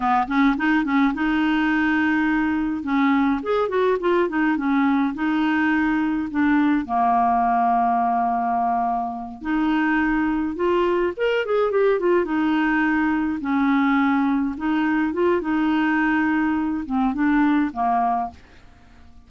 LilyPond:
\new Staff \with { instrumentName = "clarinet" } { \time 4/4 \tempo 4 = 105 b8 cis'8 dis'8 cis'8 dis'2~ | dis'4 cis'4 gis'8 fis'8 f'8 dis'8 | cis'4 dis'2 d'4 | ais1~ |
ais8 dis'2 f'4 ais'8 | gis'8 g'8 f'8 dis'2 cis'8~ | cis'4. dis'4 f'8 dis'4~ | dis'4. c'8 d'4 ais4 | }